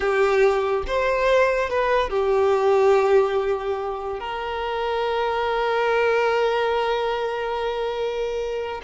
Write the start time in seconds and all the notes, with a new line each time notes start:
0.00 G4
0.87 C5
1.69 B4
2.09 G4
4.19 A#4